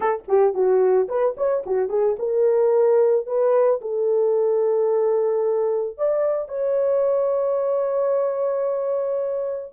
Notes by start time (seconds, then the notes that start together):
0.00 A4
0.28 G4
0.54 F#4
1.08 B4
1.37 C#5
1.66 F#4
1.89 G#4
2.18 A#4
3.26 B4
3.81 A4
5.97 D5
6.48 C#5